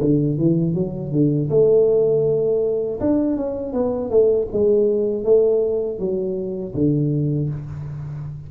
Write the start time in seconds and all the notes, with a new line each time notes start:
0.00 D3
0.38 E3
0.74 F#3
1.12 D3
1.50 A3
3.00 D4
3.36 C#4
3.73 B3
4.10 A3
4.52 G#3
5.24 A3
5.99 F#3
6.74 D3